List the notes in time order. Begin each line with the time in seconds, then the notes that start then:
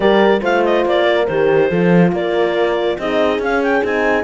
0.00 G3 G4 A#4 D5
0.40 A3 F4 C5 F5
0.64 D#5
0.85 A#3 D5
1.03 A#4
1.27 D#3 G4 C5
1.69 F3 F4 A4
2.12 A#3 A#4 D5
2.98 C4 D#4 G#4 D#5
3.38 C#4 F5
3.62 G5
3.84 C4 D#4 G#5